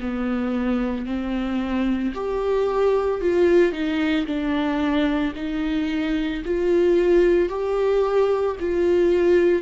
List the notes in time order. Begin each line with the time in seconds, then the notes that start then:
0.00 B3
1.06 C4
2.14 G4
3.20 F4
3.72 D#4
4.26 D4
5.35 D#4
6.45 F4
7.49 G4
8.59 F4